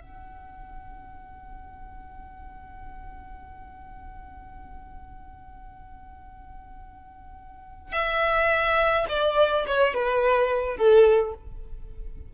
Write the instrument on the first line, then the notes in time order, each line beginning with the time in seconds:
violin
0.00 F#5
7.92 E5
9.08 D5
9.67 C#5
9.94 B4
10.77 A4